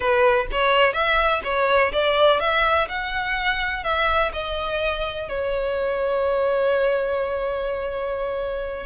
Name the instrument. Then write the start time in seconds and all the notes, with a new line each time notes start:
violin
0.00 B4
0.51 C#5
0.93 E5
1.44 C#5
1.92 D5
2.40 E5
2.88 F#5
3.83 E5
4.32 D#5
5.28 C#5